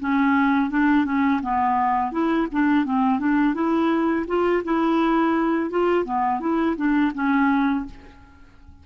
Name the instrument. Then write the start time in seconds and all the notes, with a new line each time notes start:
clarinet
0.00 C#4
0.71 D4
1.05 C#4
1.43 B3
2.12 E4
2.52 D4
2.85 C4
3.19 D4
3.55 E4
4.28 F4
4.64 E4
5.70 F4
6.05 B3
6.41 E4
6.77 D4
7.14 C#4